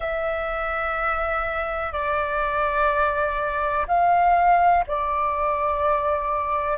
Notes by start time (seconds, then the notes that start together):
0.00 E5
1.92 D5
3.87 F5
4.87 D5